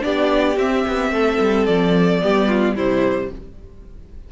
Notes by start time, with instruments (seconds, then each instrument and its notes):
0.00 cello B3, viola D4, violin G4 D5
0.57 cello C4, viola C4, violin E5
0.87 cello B3
1.10 cello A3, violin A4
1.40 cello G3
1.66 cello F3, violin D5
2.21 cello G3, viola B3, violin G4
2.48 violin F4
2.75 cello C3, viola G3, violin E4 C5